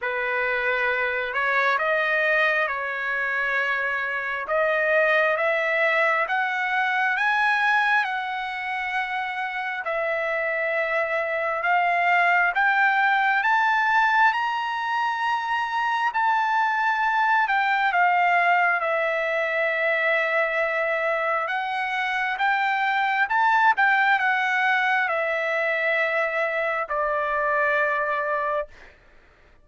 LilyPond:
\new Staff \with { instrumentName = "trumpet" } { \time 4/4 \tempo 4 = 67 b'4. cis''8 dis''4 cis''4~ | cis''4 dis''4 e''4 fis''4 | gis''4 fis''2 e''4~ | e''4 f''4 g''4 a''4 |
ais''2 a''4. g''8 | f''4 e''2. | fis''4 g''4 a''8 g''8 fis''4 | e''2 d''2 | }